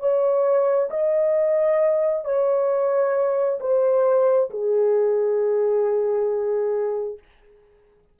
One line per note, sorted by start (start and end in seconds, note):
0.00 0.90 C#5
0.90 2.25 D#5
2.25 3.59 C#5
3.60 4.50 C5
4.50 7.19 G#4